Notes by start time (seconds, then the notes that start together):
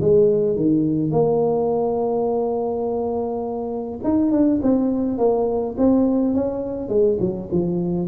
0.00 G#3
0.56 D#3
1.11 A#3
4.03 D#4
4.31 D4
4.62 C4
5.18 A#3
5.77 C4
6.34 C#4
6.88 G#3
7.20 F#3
7.51 F3